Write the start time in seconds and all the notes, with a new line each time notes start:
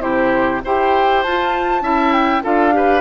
0.00 C3 E4 G4 C5
0.64 E4 G4 C5 G5
1.22 F4 A5
1.81 C#4 E4 E5
2.12 G5
2.43 D4 F4 A4 F5
2.72 G4 B4